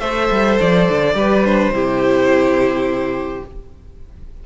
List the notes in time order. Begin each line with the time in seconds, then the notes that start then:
0.00 A3 A4 C5 E5
0.31 G3
0.60 F3 D5
0.89 D3
1.14 G3 G4 B4
1.45 D4 C5
1.69 C3 E4 G4